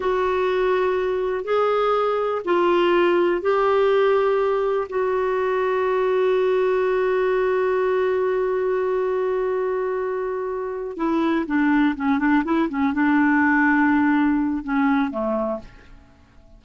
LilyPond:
\new Staff \with { instrumentName = "clarinet" } { \time 4/4 \tempo 4 = 123 fis'2. gis'4~ | gis'4 f'2 g'4~ | g'2 fis'2~ | fis'1~ |
fis'1~ | fis'2~ fis'8 e'4 d'8~ | d'8 cis'8 d'8 e'8 cis'8 d'4.~ | d'2 cis'4 a4 | }